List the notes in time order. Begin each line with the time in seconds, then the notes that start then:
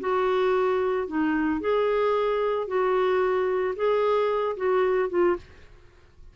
0.00 F#4
1.07 D#4
1.60 G#4
2.67 F#4
3.75 G#4
4.56 F#4
5.09 F4